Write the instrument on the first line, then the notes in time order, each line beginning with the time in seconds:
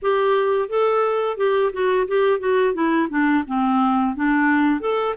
clarinet
0.02 G4
0.68 A4
1.37 G4
1.72 F#4
2.07 G4
2.39 F#4
2.73 E4
3.09 D4
3.47 C4
4.15 D4
4.80 A4